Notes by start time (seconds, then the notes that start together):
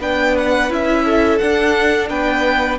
0.00 B3 D4 B4 G5
0.38 F#5
0.70 C#4 E4 E5
1.05 A4
1.39 D4 F#5
2.09 B3 B4 G5